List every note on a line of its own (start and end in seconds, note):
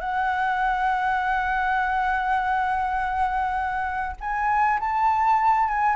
0.00 4.16 F#5
4.20 4.80 G#5
4.80 5.68 A5
5.68 5.95 G#5